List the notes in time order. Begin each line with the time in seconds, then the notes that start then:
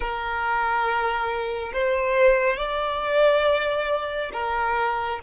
0.00 A#4
1.72 C5
2.57 D5
4.32 A#4